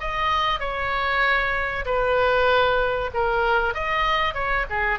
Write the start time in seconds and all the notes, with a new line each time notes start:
0.00 D#5
0.60 C#5
1.86 B4
3.14 A#4
3.74 D#5
4.34 C#5
4.70 G#4